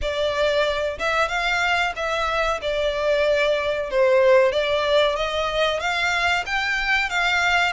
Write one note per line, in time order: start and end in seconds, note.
0.01 0.98 D5
0.99 1.28 E5
1.28 1.93 F5
1.95 2.60 E5
2.61 3.90 D5
3.90 4.52 C5
4.52 5.16 D5
5.16 5.79 D#5
5.79 6.44 F5
6.45 7.09 G5
7.09 7.72 F5